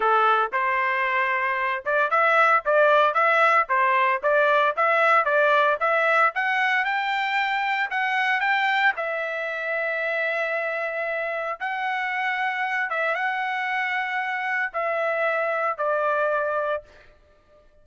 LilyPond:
\new Staff \with { instrumentName = "trumpet" } { \time 4/4 \tempo 4 = 114 a'4 c''2~ c''8 d''8 | e''4 d''4 e''4 c''4 | d''4 e''4 d''4 e''4 | fis''4 g''2 fis''4 |
g''4 e''2.~ | e''2 fis''2~ | fis''8 e''8 fis''2. | e''2 d''2 | }